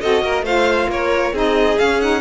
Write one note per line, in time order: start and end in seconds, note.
0.00 0.22 C4
0.00 0.44 F#4
0.00 0.23 A4
0.00 0.44 D#5
0.22 0.42 A#3
0.22 0.45 A#4
0.42 0.86 A3
0.42 1.33 F4
0.42 0.89 C5
0.42 0.90 F5
0.88 1.33 A#3
0.88 1.33 A#4
0.88 1.36 C#5
1.33 1.77 C4
1.33 1.77 D#4
1.33 2.21 G#4
1.33 1.79 D#5
1.77 1.99 C#4
1.77 2.21 C#4
1.77 2.01 F5
2.01 2.21 D#4
2.01 2.21 F#5